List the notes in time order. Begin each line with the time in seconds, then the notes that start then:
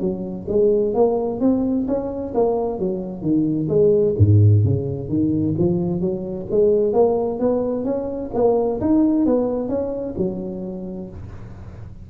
0.00 F#3
0.48 G#3
0.94 A#3
1.41 C4
1.88 C#4
2.35 A#3
2.79 F#3
3.22 D#3
3.68 G#3
4.18 G#2
4.64 C#3
5.09 D#3
5.58 F3
6.01 F#3
6.51 G#3
6.93 A#3
7.40 B3
7.85 C#4
8.34 A#3
8.81 D#4
9.26 B3
9.68 C#4
10.17 F#3